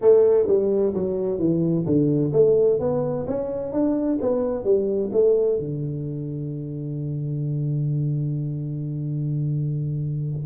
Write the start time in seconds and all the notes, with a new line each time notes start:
0.01 A3
0.47 G3
0.94 F#3
1.38 E3
1.86 D3
2.33 A3
2.79 B3
3.27 C#4
3.72 D4
4.21 B3
4.64 G3
5.12 A3
5.58 D3